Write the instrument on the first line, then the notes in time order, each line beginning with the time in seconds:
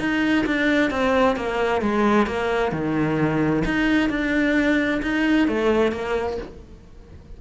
cello
0.00 D#4
0.47 D4
0.91 C4
1.37 A#3
1.82 G#3
2.27 A#3
2.72 D#3
3.65 D#4
4.10 D4
5.03 D#4
5.48 A3
5.92 A#3